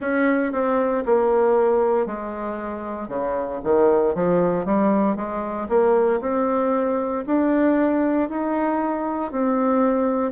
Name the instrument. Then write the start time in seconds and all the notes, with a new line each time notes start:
bassoon
0.00 C#4
0.52 C4
1.05 A#3
2.06 G#3
3.08 C#3
3.63 D#3
4.14 F3
4.65 G3
5.15 G#3
5.68 A#3
6.21 C4
7.26 D4
8.29 D#4
9.31 C4